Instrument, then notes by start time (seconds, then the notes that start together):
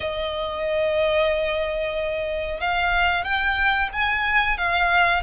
violin
0.00 D#5
2.60 F5
3.24 G5
3.92 G#5
4.57 F5